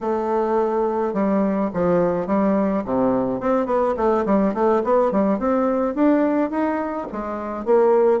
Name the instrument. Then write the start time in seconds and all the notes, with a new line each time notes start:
bassoon
0.01 A3
1.13 G3
1.73 F3
2.26 G3
2.85 C3
3.40 C4
3.66 B3
3.96 A3
4.25 G3
4.54 A3
4.83 B3
5.11 G3
5.38 C4
5.94 D4
6.50 D#4
7.12 G#3
7.65 A#3